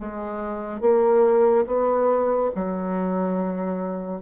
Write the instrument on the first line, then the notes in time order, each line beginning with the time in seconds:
bassoon
0.00 G#3
0.81 A#3
1.67 B3
2.55 F#3